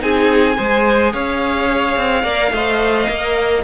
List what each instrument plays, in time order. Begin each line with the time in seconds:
0.00 cello C4, viola D#4, violin G#4 G#5
0.57 cello G#3, viola G#4, violin C5
1.13 cello C#4, violin C#5 F5
1.97 cello C4
2.23 cello A#3, viola A#4, violin D5
2.52 cello A3, viola C5, violin D#5
3.07 cello A#3, viola A#4